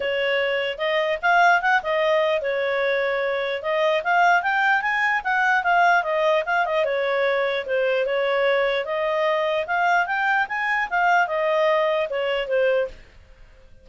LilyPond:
\new Staff \with { instrumentName = "clarinet" } { \time 4/4 \tempo 4 = 149 cis''2 dis''4 f''4 | fis''8 dis''4. cis''2~ | cis''4 dis''4 f''4 g''4 | gis''4 fis''4 f''4 dis''4 |
f''8 dis''8 cis''2 c''4 | cis''2 dis''2 | f''4 g''4 gis''4 f''4 | dis''2 cis''4 c''4 | }